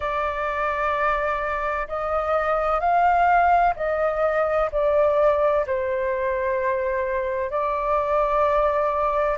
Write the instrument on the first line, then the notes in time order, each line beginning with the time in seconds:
flute
0.00 D5
1.87 D#5
2.80 F5
3.76 D#5
4.71 D5
5.66 C5
7.50 D5